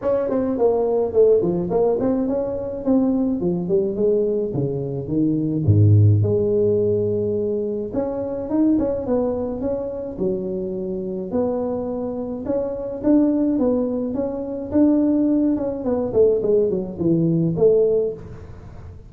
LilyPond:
\new Staff \with { instrumentName = "tuba" } { \time 4/4 \tempo 4 = 106 cis'8 c'8 ais4 a8 f8 ais8 c'8 | cis'4 c'4 f8 g8 gis4 | cis4 dis4 gis,4 gis4~ | gis2 cis'4 dis'8 cis'8 |
b4 cis'4 fis2 | b2 cis'4 d'4 | b4 cis'4 d'4. cis'8 | b8 a8 gis8 fis8 e4 a4 | }